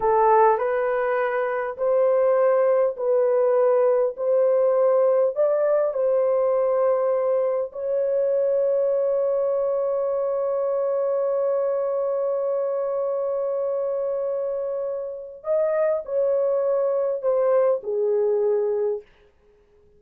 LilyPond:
\new Staff \with { instrumentName = "horn" } { \time 4/4 \tempo 4 = 101 a'4 b'2 c''4~ | c''4 b'2 c''4~ | c''4 d''4 c''2~ | c''4 cis''2.~ |
cis''1~ | cis''1~ | cis''2 dis''4 cis''4~ | cis''4 c''4 gis'2 | }